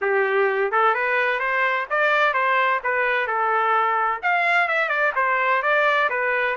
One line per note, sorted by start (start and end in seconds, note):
0.01 0.71 G4
0.71 0.94 A4
0.94 1.39 B4
1.39 1.86 C5
1.90 2.33 D5
2.33 2.80 C5
2.83 3.27 B4
3.27 4.21 A4
4.22 4.67 F5
4.67 4.89 E5
4.89 5.12 D5
5.15 5.62 C5
5.62 6.09 D5
6.09 6.56 B4